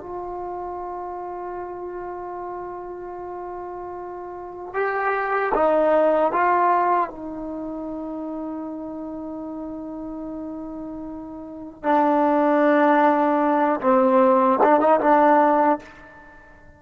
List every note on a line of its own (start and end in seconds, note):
0.00 4.73 F4
4.73 5.52 G4
5.54 6.32 D#4
6.32 7.09 F4
7.09 11.82 D#4
11.82 13.80 D4
13.80 14.59 C4
14.63 14.80 D4
14.80 14.99 D#4
15.00 15.79 D4